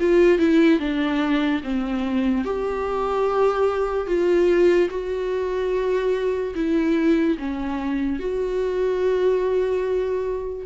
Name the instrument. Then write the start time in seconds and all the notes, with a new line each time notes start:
viola
0.00 F4
0.39 E4
0.80 D4
1.64 C4
2.45 G4
4.07 F4
4.90 F#4
6.55 E4
7.38 C#4
8.20 F#4